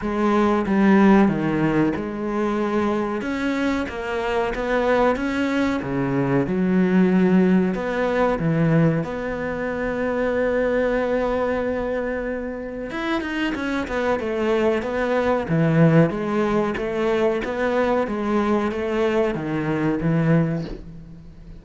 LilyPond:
\new Staff \with { instrumentName = "cello" } { \time 4/4 \tempo 4 = 93 gis4 g4 dis4 gis4~ | gis4 cis'4 ais4 b4 | cis'4 cis4 fis2 | b4 e4 b2~ |
b1 | e'8 dis'8 cis'8 b8 a4 b4 | e4 gis4 a4 b4 | gis4 a4 dis4 e4 | }